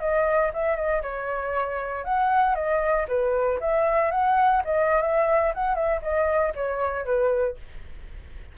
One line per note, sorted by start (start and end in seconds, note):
0.00 0.51 D#5
0.53 0.76 E5
0.76 1.02 D#5
1.02 2.04 C#5
2.04 2.55 F#5
2.55 3.06 D#5
3.08 3.59 B4
3.60 4.11 E5
4.11 4.62 F#5
4.65 5.02 D#5
5.02 5.53 E5
5.54 5.75 F#5
5.75 6.01 E5
6.02 6.53 D#5
6.55 7.05 C#5
7.05 7.56 B4